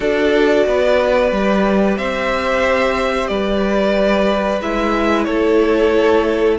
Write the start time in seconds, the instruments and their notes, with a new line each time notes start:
0.00 cello D4, viola F#4, violin A4 D5
0.66 cello B3, violin B4
1.31 cello G3, viola G4
1.97 cello C4, violin C5 E5
3.27 cello G3, violin B4 D5
4.61 cello G#3, viola E4, violin E5
5.23 cello A3, violin A4 C#5